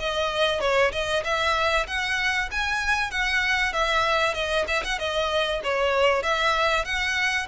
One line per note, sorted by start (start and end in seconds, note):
0.00 0.61 D#5
0.61 0.92 C#5
0.93 1.24 D#5
1.24 1.87 E5
1.88 2.50 F#5
2.51 3.11 G#5
3.11 3.73 F#5
3.73 4.34 E5
4.34 4.66 D#5
4.68 4.84 E5
4.84 4.99 F#5
4.99 5.62 D#5
5.64 6.23 C#5
6.23 6.85 E5
6.85 7.48 F#5